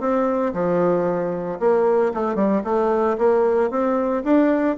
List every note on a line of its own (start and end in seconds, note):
0.00 0.53 C4
0.53 1.60 F3
1.60 2.13 A#3
2.14 2.36 A3
2.36 2.62 G3
2.64 3.17 A3
3.18 3.70 A#3
3.70 4.24 C4
4.24 4.77 D4